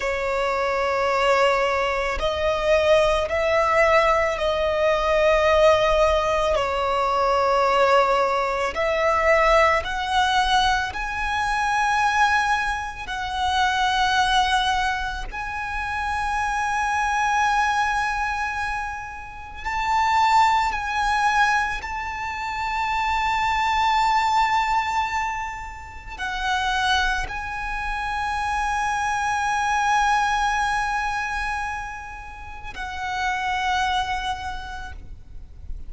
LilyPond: \new Staff \with { instrumentName = "violin" } { \time 4/4 \tempo 4 = 55 cis''2 dis''4 e''4 | dis''2 cis''2 | e''4 fis''4 gis''2 | fis''2 gis''2~ |
gis''2 a''4 gis''4 | a''1 | fis''4 gis''2.~ | gis''2 fis''2 | }